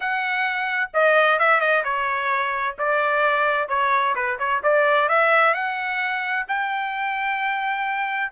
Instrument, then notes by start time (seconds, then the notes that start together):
trumpet
0.00 F#5
0.93 D#5
1.39 E5
1.60 D#5
1.84 C#5
2.78 D5
3.68 C#5
4.15 B4
4.38 C#5
4.63 D5
5.09 E5
5.53 F#5
6.48 G5